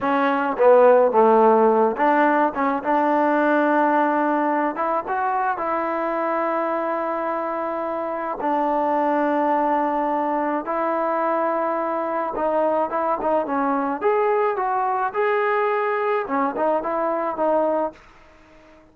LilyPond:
\new Staff \with { instrumentName = "trombone" } { \time 4/4 \tempo 4 = 107 cis'4 b4 a4. d'8~ | d'8 cis'8 d'2.~ | d'8 e'8 fis'4 e'2~ | e'2. d'4~ |
d'2. e'4~ | e'2 dis'4 e'8 dis'8 | cis'4 gis'4 fis'4 gis'4~ | gis'4 cis'8 dis'8 e'4 dis'4 | }